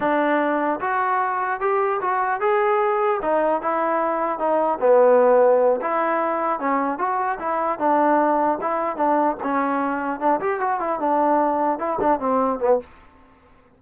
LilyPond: \new Staff \with { instrumentName = "trombone" } { \time 4/4 \tempo 4 = 150 d'2 fis'2 | g'4 fis'4 gis'2 | dis'4 e'2 dis'4 | b2~ b8 e'4.~ |
e'8 cis'4 fis'4 e'4 d'8~ | d'4. e'4 d'4 cis'8~ | cis'4. d'8 g'8 fis'8 e'8 d'8~ | d'4. e'8 d'8 c'4 b8 | }